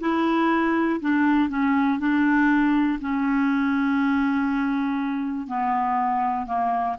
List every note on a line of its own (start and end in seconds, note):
0.00 1.00 E4
1.01 1.49 D4
1.49 1.99 C#4
1.99 2.99 D4
3.01 5.47 C#4
5.47 6.47 B3
6.47 6.97 A#3